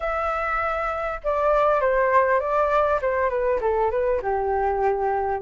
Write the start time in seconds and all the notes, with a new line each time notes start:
0.00 E5
1.23 D5
1.80 C5
2.40 D5
3.01 C5
3.29 B4
3.60 A4
3.90 B4
4.22 G4